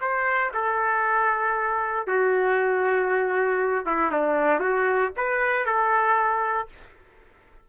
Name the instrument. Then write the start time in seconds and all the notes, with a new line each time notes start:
trumpet
0.00 C5
0.53 A4
2.07 F#4
3.86 E4
4.11 D4
4.59 F#4
5.16 B4
5.65 A4